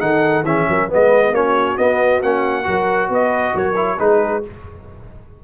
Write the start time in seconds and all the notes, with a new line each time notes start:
0.00 D#3 D#4 A4 F#5
0.43 E3 C#4 G#4 E5
0.69 F#3 A#4
0.88 G#3 B3 B4
0.94 D#5
1.32 A#3 C#4 F#4 C#5
1.77 B3 D#5
2.22 A#3 C#4 F#5
2.63 F#3 F#4 A#4
3.09 B3 B4 D#5
3.55 F#3 A#4 C#5
3.76 E4
3.98 G#3 D#4 G#4 B4